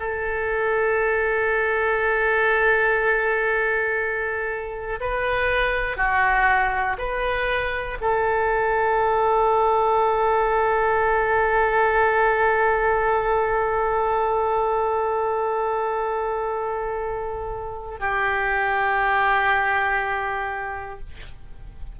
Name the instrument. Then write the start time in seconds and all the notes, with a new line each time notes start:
oboe
0.00 A4
5.01 B4
5.97 F#4
6.98 B4
8.01 A4
18.00 G4